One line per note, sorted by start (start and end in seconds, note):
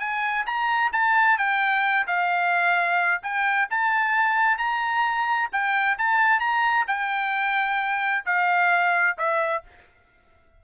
0.00 0.46 G#5
0.46 0.92 A#5
0.93 1.38 A5
1.38 2.07 G5
2.07 3.22 F5
3.23 3.69 G5
3.71 4.58 A5
4.58 5.49 A#5
5.52 5.98 G5
5.98 6.40 A5
6.40 6.86 A#5
6.88 8.25 G5
8.26 9.17 F5
9.18 9.64 E5